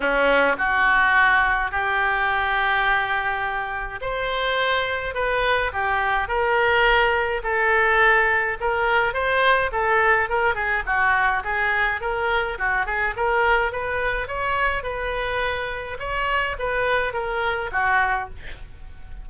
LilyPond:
\new Staff \with { instrumentName = "oboe" } { \time 4/4 \tempo 4 = 105 cis'4 fis'2 g'4~ | g'2. c''4~ | c''4 b'4 g'4 ais'4~ | ais'4 a'2 ais'4 |
c''4 a'4 ais'8 gis'8 fis'4 | gis'4 ais'4 fis'8 gis'8 ais'4 | b'4 cis''4 b'2 | cis''4 b'4 ais'4 fis'4 | }